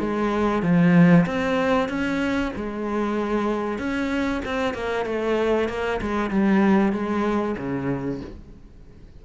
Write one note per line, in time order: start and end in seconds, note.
0.00 0.63 G#3
0.63 1.26 F3
1.26 1.89 C4
1.89 2.52 C#4
2.56 3.78 G#3
3.78 4.42 C#4
4.46 4.74 C4
4.74 5.06 A#3
5.06 5.69 A3
5.69 6.01 A#3
6.01 6.31 G#3
6.31 6.92 G3
6.92 7.56 G#3
7.58 8.21 C#3